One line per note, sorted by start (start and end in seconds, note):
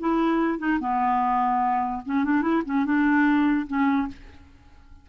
0.00 0.59 E4
0.59 0.79 D#4
0.80 2.03 B3
2.06 2.25 C#4
2.25 2.42 D4
2.42 2.63 E4
2.66 2.86 C#4
2.86 3.67 D4
3.68 4.08 C#4